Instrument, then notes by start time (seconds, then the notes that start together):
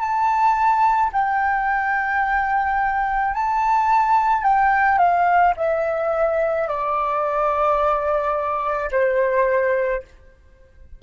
flute
0.00 A5
1.13 G5
3.34 A5
4.43 G5
4.98 F5
5.57 E5
6.68 D5
8.91 C5